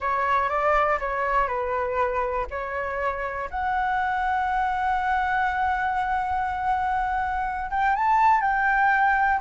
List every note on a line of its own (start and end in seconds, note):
0.00 0.49 C#5
0.49 0.98 D5
0.99 1.47 C#5
1.47 2.46 B4
2.50 3.49 C#5
3.50 7.70 F#5
7.70 7.95 G5
7.95 8.41 A5
8.41 9.40 G5